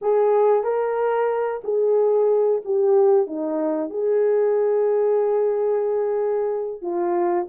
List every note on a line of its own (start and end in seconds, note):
0.01 0.63 G#4
0.63 1.61 A#4
1.63 2.61 G#4
2.64 3.26 G4
3.26 3.90 D#4
3.90 6.81 G#4
6.81 7.46 F4